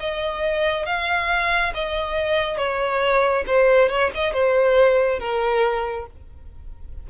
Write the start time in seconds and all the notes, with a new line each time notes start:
0.00 D#5
0.86 F5
1.74 D#5
2.58 C#5
3.47 C5
3.89 C#5
4.15 D#5
4.33 C5
5.19 A#4